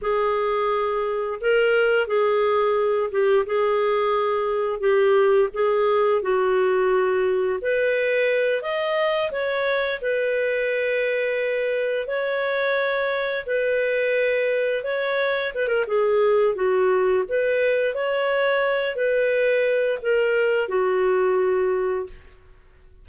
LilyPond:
\new Staff \with { instrumentName = "clarinet" } { \time 4/4 \tempo 4 = 87 gis'2 ais'4 gis'4~ | gis'8 g'8 gis'2 g'4 | gis'4 fis'2 b'4~ | b'8 dis''4 cis''4 b'4.~ |
b'4. cis''2 b'8~ | b'4. cis''4 b'16 ais'16 gis'4 | fis'4 b'4 cis''4. b'8~ | b'4 ais'4 fis'2 | }